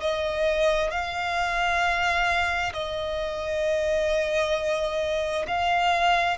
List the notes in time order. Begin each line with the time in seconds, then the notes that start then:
0.00 D#5
0.91 F5
2.73 D#5
5.48 F5